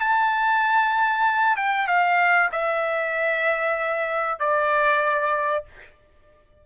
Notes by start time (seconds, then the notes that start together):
0.00 A5
1.56 G5
1.87 F5
2.51 E5
4.39 D5